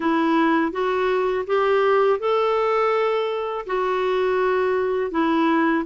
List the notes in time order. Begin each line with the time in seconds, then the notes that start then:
0.00 E4
0.72 F#4
1.46 G4
2.19 A4
3.66 F#4
5.11 E4